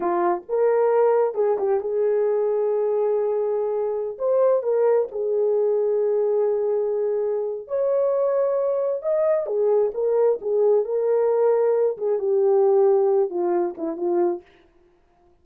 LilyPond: \new Staff \with { instrumentName = "horn" } { \time 4/4 \tempo 4 = 133 f'4 ais'2 gis'8 g'8 | gis'1~ | gis'4~ gis'16 c''4 ais'4 gis'8.~ | gis'1~ |
gis'4 cis''2. | dis''4 gis'4 ais'4 gis'4 | ais'2~ ais'8 gis'8 g'4~ | g'4. f'4 e'8 f'4 | }